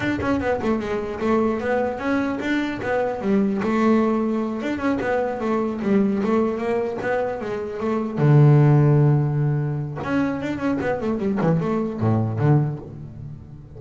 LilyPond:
\new Staff \with { instrumentName = "double bass" } { \time 4/4 \tempo 4 = 150 d'8 cis'8 b8 a8 gis4 a4 | b4 cis'4 d'4 b4 | g4 a2~ a8 d'8 | cis'8 b4 a4 g4 a8~ |
a8 ais4 b4 gis4 a8~ | a8 d2.~ d8~ | d4 cis'4 d'8 cis'8 b8 a8 | g8 e8 a4 a,4 d4 | }